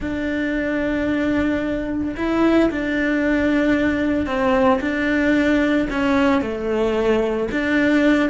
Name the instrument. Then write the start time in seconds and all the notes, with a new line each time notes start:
cello
0.00 D4
2.16 E4
2.71 D4
4.26 C4
4.80 D4
5.90 C#4
6.41 A3
7.51 D4